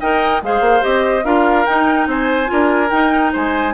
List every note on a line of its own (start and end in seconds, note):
0.00 0.42 D#4
0.00 0.43 A#4
0.00 0.42 D#5
0.00 0.42 G5
0.42 0.60 G#3
0.42 0.81 G#4
0.42 1.24 C5
0.42 0.83 F5
0.60 0.81 A#3
0.81 1.24 C4
0.81 1.22 G4
0.81 1.25 D#5
1.24 1.65 D4
1.24 1.66 F4
1.24 2.08 A#4
1.24 1.66 F5
1.66 2.45 D#4
1.66 2.06 D#4
1.66 2.07 G5
2.06 2.48 C4
2.06 2.51 C5
2.06 2.90 G#5
2.45 2.90 D4
2.45 2.87 F4
2.45 3.32 A#4
2.90 3.32 D#4
2.90 3.74 D#4
2.90 3.32 G5
3.32 3.74 G#3
3.32 3.74 C5
3.32 3.74 G#5